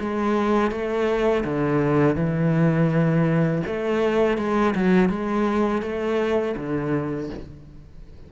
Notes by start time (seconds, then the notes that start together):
0.00 G#3
0.71 A3
1.44 D3
2.16 E3
3.66 A3
4.37 G#3
4.75 F#3
5.09 G#3
5.82 A3
6.57 D3